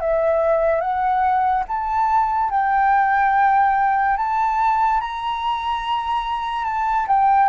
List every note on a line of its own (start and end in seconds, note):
0.00 0.80 E5
0.80 1.64 F#5
1.67 2.50 A5
2.50 4.17 G5
4.17 5.00 A5
5.00 6.64 A#5
6.64 7.06 A5
7.07 7.49 G5